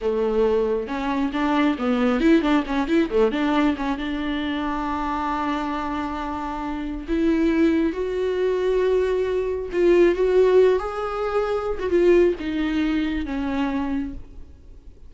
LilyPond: \new Staff \with { instrumentName = "viola" } { \time 4/4 \tempo 4 = 136 a2 cis'4 d'4 | b4 e'8 d'8 cis'8 e'8 a8 d'8~ | d'8 cis'8 d'2.~ | d'1 |
e'2 fis'2~ | fis'2 f'4 fis'4~ | fis'8 gis'2~ gis'16 fis'16 f'4 | dis'2 cis'2 | }